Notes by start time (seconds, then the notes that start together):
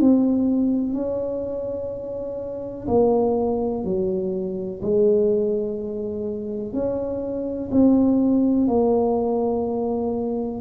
0.00 C4
0.93 C#4
2.87 A#3
3.84 F#3
4.82 G#3
6.73 C#4
7.71 C4
8.67 A#3